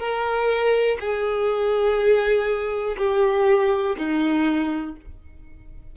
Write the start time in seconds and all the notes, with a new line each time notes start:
0.00 A#4
1.01 G#4
2.98 G4
3.98 D#4